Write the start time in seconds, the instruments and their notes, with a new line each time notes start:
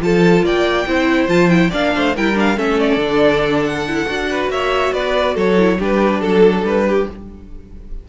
0.00 cello F3, viola F4, violin A4 A5
0.43 cello A#3, violin D5 G5
0.87 cello C4, viola E4, violin C5
1.27 cello F3, viola F4, violin A5
1.49 viola E4, violin G5
1.70 cello A#3, viola D4, violin D5 F5
1.96 cello A3, violin C5
2.15 cello G3, viola E4, violin A#4 G5
2.34 viola D4, violin F5
2.56 cello A3, viola C#4, violin A4 E5
2.80 violin D5
2.96 cello D3, viola D4
3.64 violin F#5
3.88 viola E4
4.06 cello D4, viola F#4
4.30 violin B4
4.48 cello A#3, violin C#5 E5
4.93 cello B3, violin B4 D5
5.34 cello F#3, violin A4 C#5
5.57 viola E4
5.78 cello G3, viola D4, violin G4 B4
6.20 cello F#3, violin A4
6.63 cello G3, violin B4
6.87 violin G4